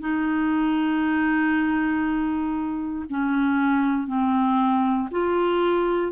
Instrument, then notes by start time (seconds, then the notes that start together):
clarinet
0.00 D#4
3.09 C#4
4.07 C4
5.11 F4